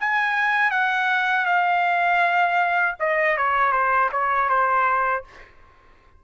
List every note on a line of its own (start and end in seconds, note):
0.00 0.71 G#5
0.71 1.46 F#5
1.46 2.96 F5
3.00 3.37 D#5
3.37 3.72 C#5
3.72 4.09 C5
4.12 4.49 C#5
4.49 5.24 C5